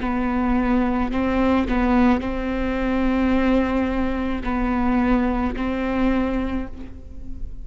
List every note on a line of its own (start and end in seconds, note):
0.00 1.11 B3
1.12 1.67 C4
1.68 2.20 B3
2.20 4.42 C4
4.43 5.55 B3
5.56 6.67 C4